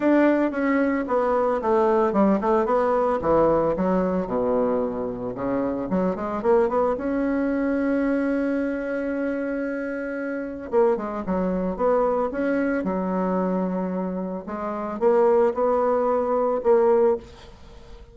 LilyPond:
\new Staff \with { instrumentName = "bassoon" } { \time 4/4 \tempo 4 = 112 d'4 cis'4 b4 a4 | g8 a8 b4 e4 fis4 | b,2 cis4 fis8 gis8 | ais8 b8 cis'2.~ |
cis'1 | ais8 gis8 fis4 b4 cis'4 | fis2. gis4 | ais4 b2 ais4 | }